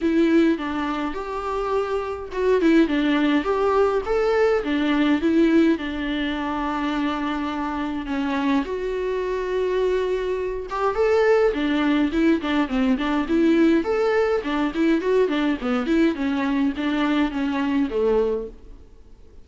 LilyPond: \new Staff \with { instrumentName = "viola" } { \time 4/4 \tempo 4 = 104 e'4 d'4 g'2 | fis'8 e'8 d'4 g'4 a'4 | d'4 e'4 d'2~ | d'2 cis'4 fis'4~ |
fis'2~ fis'8 g'8 a'4 | d'4 e'8 d'8 c'8 d'8 e'4 | a'4 d'8 e'8 fis'8 d'8 b8 e'8 | cis'4 d'4 cis'4 a4 | }